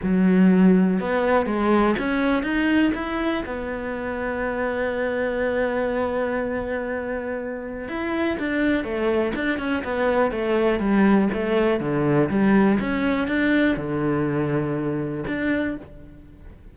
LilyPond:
\new Staff \with { instrumentName = "cello" } { \time 4/4 \tempo 4 = 122 fis2 b4 gis4 | cis'4 dis'4 e'4 b4~ | b1~ | b1 |
e'4 d'4 a4 d'8 cis'8 | b4 a4 g4 a4 | d4 g4 cis'4 d'4 | d2. d'4 | }